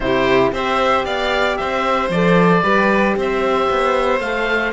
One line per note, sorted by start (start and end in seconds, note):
0.00 0.51 C3
0.00 0.53 E4
0.00 0.52 G4
0.00 0.50 C5
0.51 1.04 C4
0.51 2.11 G4
0.51 1.05 C5
0.51 1.05 E5
1.04 1.57 B3
1.04 1.58 D5
1.04 1.56 F5
1.56 2.09 C4
1.56 2.62 C5
1.56 2.09 E5
2.09 2.62 F3
2.09 2.63 A4
2.09 3.16 D5
2.62 3.16 G3
2.62 4.21 G4
2.62 3.15 B4
3.16 3.69 C4
3.16 4.72 C5
3.16 4.20 E5
3.69 4.19 B3
4.19 4.72 A3
4.19 4.72 A4
4.19 4.72 F5